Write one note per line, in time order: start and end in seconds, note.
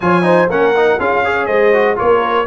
0.00 0.48 F3
0.00 0.22 F4
0.00 0.25 C#5
0.00 0.49 G#5
0.22 0.47 D#4
0.22 0.49 C5
0.48 0.98 A#3
0.48 0.75 C#4
0.48 0.99 A#4
0.48 0.99 F#5
0.76 0.99 D#4
0.99 1.47 C#4
0.99 1.24 F4
0.99 1.24 G#4
0.99 1.46 F5
1.24 1.73 G#4
1.24 1.47 C#5
1.46 1.97 G#3
1.46 1.97 C5
1.46 1.95 D#5
1.73 1.96 F#4
1.96 2.46 A#3
1.96 2.45 F4
1.96 2.46 A#4
1.96 2.46 C#5